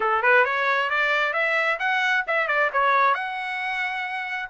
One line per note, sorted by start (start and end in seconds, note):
0.00 0.22 A4
0.22 0.44 B4
0.44 0.90 C#5
0.90 1.33 D5
1.33 1.78 E5
1.79 2.24 F#5
2.27 2.47 E5
2.47 2.70 D5
2.72 3.14 C#5
3.14 4.49 F#5